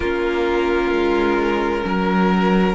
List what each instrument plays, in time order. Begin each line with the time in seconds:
0.00 cello A#3, viola C#4, violin F4 A#4
0.91 cello G#3
1.84 cello F#3, violin A#4